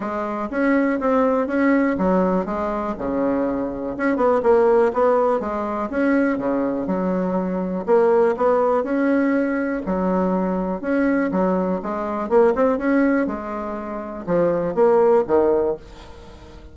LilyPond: \new Staff \with { instrumentName = "bassoon" } { \time 4/4 \tempo 4 = 122 gis4 cis'4 c'4 cis'4 | fis4 gis4 cis2 | cis'8 b8 ais4 b4 gis4 | cis'4 cis4 fis2 |
ais4 b4 cis'2 | fis2 cis'4 fis4 | gis4 ais8 c'8 cis'4 gis4~ | gis4 f4 ais4 dis4 | }